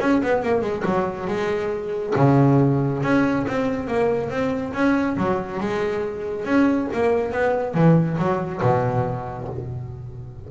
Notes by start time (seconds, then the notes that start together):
0.00 C#4
0.23 B3
0.43 A#3
0.61 G#3
0.85 F#3
1.27 G#3
2.16 C#3
3.03 C#4
3.47 C4
3.87 A#3
4.29 C4
4.73 C#4
5.17 F#3
5.60 G#3
6.45 C#4
6.93 A#3
7.31 B3
7.74 E3
8.18 F#3
8.61 B2